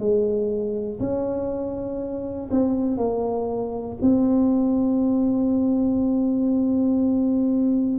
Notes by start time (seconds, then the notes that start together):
0.00 G#3
1.00 C#4
2.51 C4
2.98 A#3
4.02 C4